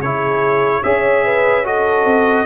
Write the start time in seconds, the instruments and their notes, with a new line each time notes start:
0.00 tuba C#3, trombone E4, horn G#4, trumpet C#5
0.84 tuba C#4, trombone G#4, horn C#5, trumpet E5
1.25 horn B4
1.65 trombone F#4, horn A4, trumpet D#5
2.05 tuba C4